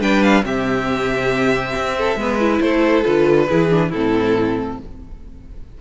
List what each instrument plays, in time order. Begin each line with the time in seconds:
0.00 cello G3, viola D4, violin B4 G5
0.23 violin F5
0.43 cello C3, viola C4, violin G4 E5
1.75 cello C4
1.97 violin A4
2.16 cello G#3, viola B3, violin B4
2.40 viola E4
2.61 cello A3, violin A4 C5
3.04 cello D3, viola F4, violin B4
3.49 cello E3, viola E4, violin G#4
3.69 viola D4
3.90 cello A2, viola C4, violin E4 A4